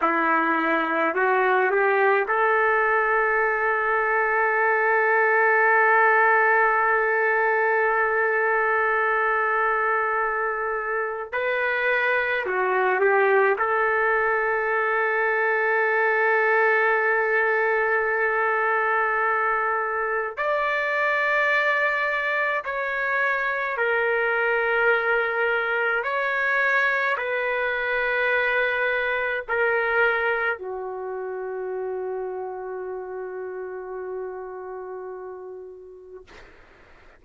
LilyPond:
\new Staff \with { instrumentName = "trumpet" } { \time 4/4 \tempo 4 = 53 e'4 fis'8 g'8 a'2~ | a'1~ | a'2 b'4 fis'8 g'8 | a'1~ |
a'2 d''2 | cis''4 ais'2 cis''4 | b'2 ais'4 fis'4~ | fis'1 | }